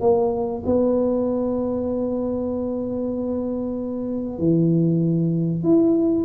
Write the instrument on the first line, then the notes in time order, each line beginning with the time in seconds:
tuba
0.00 A#3
0.66 B3
4.39 E3
5.63 E4